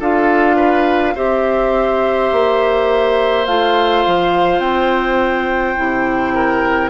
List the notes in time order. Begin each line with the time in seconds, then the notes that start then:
0.00 D4 F4 A4 F5
0.56 B4
1.15 C4 G4 C5 E5
2.32 A#3
3.46 A3 F4 F5
4.07 F3
4.59 C4 G5
5.77 C3 E4
6.35 A#4